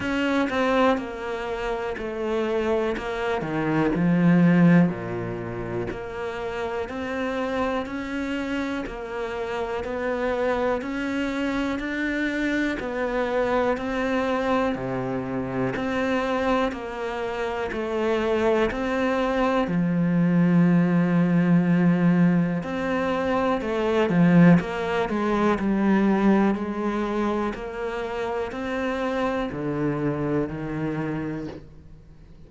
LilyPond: \new Staff \with { instrumentName = "cello" } { \time 4/4 \tempo 4 = 61 cis'8 c'8 ais4 a4 ais8 dis8 | f4 ais,4 ais4 c'4 | cis'4 ais4 b4 cis'4 | d'4 b4 c'4 c4 |
c'4 ais4 a4 c'4 | f2. c'4 | a8 f8 ais8 gis8 g4 gis4 | ais4 c'4 d4 dis4 | }